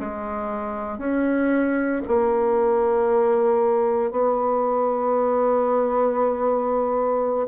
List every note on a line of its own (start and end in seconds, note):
0.00 0.98 G#3
0.98 2.02 C#4
2.07 4.11 A#3
4.11 7.48 B3